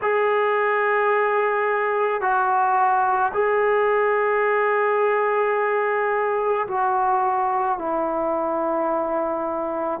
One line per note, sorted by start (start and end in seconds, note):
0.02 2.21 G#4
2.21 3.32 F#4
3.33 6.67 G#4
6.67 7.78 F#4
7.78 10.00 E4